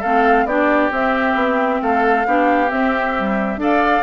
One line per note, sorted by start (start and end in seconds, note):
0.00 0.45 A3
0.00 0.49 C4
0.00 0.45 A4
0.00 0.46 F5
0.45 0.90 B3
0.45 0.91 D4
0.45 1.82 G4
0.45 0.91 D5
0.91 2.25 C4
0.91 1.35 C4
0.91 1.82 E5
1.35 1.80 B3
1.82 2.26 A3
1.82 2.27 A4
1.82 2.70 F5
2.26 2.71 B3
2.26 2.68 D4
2.26 3.60 G4
2.68 3.13 C4
2.68 3.57 C4
2.68 3.60 E5
3.17 3.59 G3
3.57 4.02 D4
3.57 4.03 A4
3.57 4.03 D5
3.57 4.03 F5